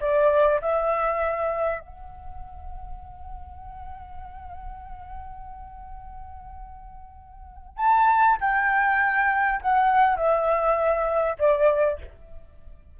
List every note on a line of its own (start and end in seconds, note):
0.00 0.60 D5
0.61 1.80 E5
1.80 7.77 F#5
7.77 8.37 A5
8.41 9.61 G5
9.62 10.17 F#5
10.17 11.37 E5
11.39 11.99 D5